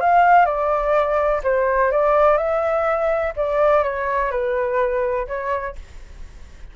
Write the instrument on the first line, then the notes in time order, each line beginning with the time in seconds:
flute
0.00 F5
0.45 D5
1.43 C5
1.91 D5
2.37 E5
3.36 D5
3.83 C#5
4.31 B4
5.27 C#5